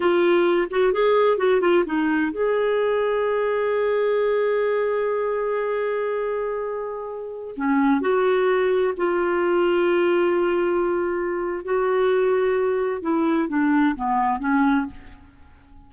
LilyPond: \new Staff \with { instrumentName = "clarinet" } { \time 4/4 \tempo 4 = 129 f'4. fis'8 gis'4 fis'8 f'8 | dis'4 gis'2.~ | gis'1~ | gis'1~ |
gis'16 cis'4 fis'2 f'8.~ | f'1~ | f'4 fis'2. | e'4 d'4 b4 cis'4 | }